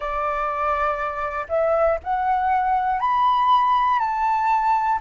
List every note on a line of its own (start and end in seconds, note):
0.00 1.46 D5
1.49 1.99 E5
2.03 3.00 F#5
3.00 3.99 B5
3.99 4.99 A5